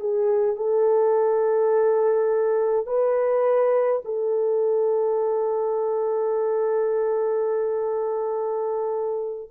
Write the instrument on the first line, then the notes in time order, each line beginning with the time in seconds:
horn
0.00 G#4
0.56 A4
2.86 B4
4.04 A4